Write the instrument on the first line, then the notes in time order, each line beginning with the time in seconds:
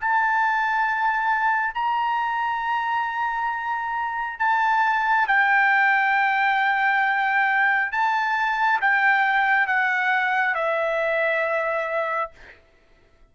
trumpet
0.00 A5
1.74 A#5
4.39 A5
5.27 G5
7.92 A5
8.81 G5
9.67 F#5
10.54 E5